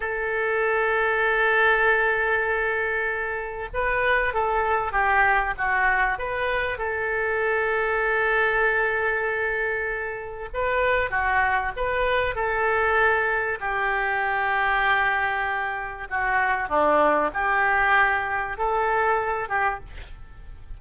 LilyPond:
\new Staff \with { instrumentName = "oboe" } { \time 4/4 \tempo 4 = 97 a'1~ | a'2 b'4 a'4 | g'4 fis'4 b'4 a'4~ | a'1~ |
a'4 b'4 fis'4 b'4 | a'2 g'2~ | g'2 fis'4 d'4 | g'2 a'4. g'8 | }